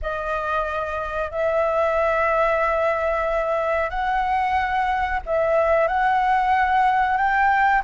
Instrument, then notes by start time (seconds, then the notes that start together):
flute
0.02 D#5
1.30 E5
3.90 F#5
5.26 E5
5.87 F#5
7.17 G5